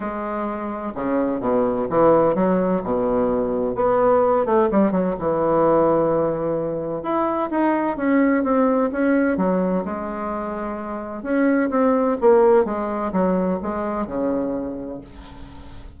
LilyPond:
\new Staff \with { instrumentName = "bassoon" } { \time 4/4 \tempo 4 = 128 gis2 cis4 b,4 | e4 fis4 b,2 | b4. a8 g8 fis8 e4~ | e2. e'4 |
dis'4 cis'4 c'4 cis'4 | fis4 gis2. | cis'4 c'4 ais4 gis4 | fis4 gis4 cis2 | }